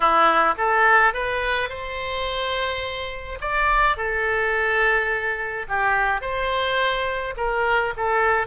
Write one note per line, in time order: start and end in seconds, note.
0.00 0.54 E4
0.57 1.13 A4
1.13 1.69 B4
1.69 3.39 C5
3.40 3.96 D5
3.96 5.66 A4
5.68 6.21 G4
6.21 7.34 C5
7.36 7.93 A#4
7.97 8.46 A4